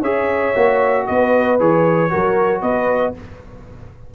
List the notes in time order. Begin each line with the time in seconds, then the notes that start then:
0.00 C#4 G#4 C#5 E5
0.55 A#3 F#4
1.06 B3 B4 D#5
1.59 E3 G#4 C#5
2.10 F#3 F#4 A#4
2.62 B3 B4 D#5